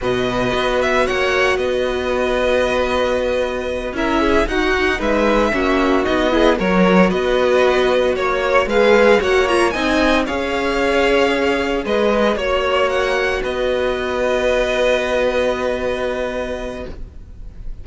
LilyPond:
<<
  \new Staff \with { instrumentName = "violin" } { \time 4/4 \tempo 4 = 114 dis''4. e''8 fis''4 dis''4~ | dis''2.~ dis''8 e''8~ | e''8 fis''4 e''2 dis''8~ | dis''8 cis''4 dis''2 cis''8~ |
cis''8 f''4 fis''8 ais''8 gis''4 f''8~ | f''2~ f''8 dis''4 cis''8~ | cis''8 fis''4 dis''2~ dis''8~ | dis''1 | }
  \new Staff \with { instrumentName = "violin" } { \time 4/4 b'2 cis''4 b'4~ | b'2.~ b'8 ais'8 | gis'8 fis'4 b'4 fis'4. | gis'8 ais'4 b'2 cis''8~ |
cis''8 b'4 cis''4 dis''4 cis''8~ | cis''2~ cis''8 b'4 cis''8~ | cis''4. b'2~ b'8~ | b'1 | }
  \new Staff \with { instrumentName = "viola" } { \time 4/4 fis'1~ | fis'2.~ fis'8 e'8~ | e'8 dis'2 cis'4 dis'8 | e'8 fis'2.~ fis'8~ |
fis'8 gis'4 fis'8 f'8 dis'4 gis'8~ | gis'2.~ gis'8 fis'8~ | fis'1~ | fis'1 | }
  \new Staff \with { instrumentName = "cello" } { \time 4/4 b,4 b4 ais4 b4~ | b2.~ b8 cis'8~ | cis'8 dis'4 gis4 ais4 b8~ | b8 fis4 b2 ais8~ |
ais8 gis4 ais4 c'4 cis'8~ | cis'2~ cis'8 gis4 ais8~ | ais4. b2~ b8~ | b1 | }
>>